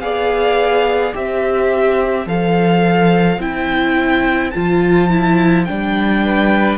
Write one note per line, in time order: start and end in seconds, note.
0.00 1.13 B3
0.00 1.13 G#4
0.00 1.15 D5
0.00 1.13 F5
1.13 2.26 C4
1.13 2.26 G4
1.13 6.23 C5
1.13 2.28 E5
2.26 3.38 F3
2.26 3.39 A4
2.26 3.41 F5
3.38 4.52 C4
3.38 4.53 E4
3.38 4.51 G5
4.51 5.69 F3
4.51 5.10 F4
4.51 5.64 A5
5.10 5.66 E4
5.65 6.78 G3
5.65 6.78 D4
5.65 6.78 G5
6.23 6.78 B4